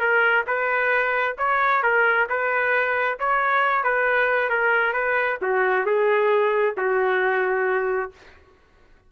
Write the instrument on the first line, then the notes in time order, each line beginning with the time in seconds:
trumpet
0.00 A#4
0.47 B4
1.38 C#5
1.83 A#4
2.29 B4
3.19 C#5
3.84 B4
4.50 A#4
4.93 B4
5.42 F#4
5.86 G#4
6.77 F#4